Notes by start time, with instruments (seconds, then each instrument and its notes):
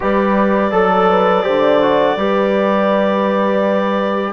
0.00 bassoon G3, trombone G4, horn B4, clarinet D5
0.71 bassoon F#3, trombone A4, horn A4
1.09 horn B4
1.43 bassoon D3, trombone G4, horn C5
1.82 trombone F#4
2.16 bassoon G3, trombone G4, horn B4